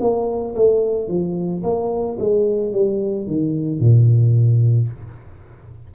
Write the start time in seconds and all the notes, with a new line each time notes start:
0.00 A#3
0.55 A3
1.08 F3
1.63 A#3
2.19 G#3
2.73 G3
3.27 D#3
3.79 A#2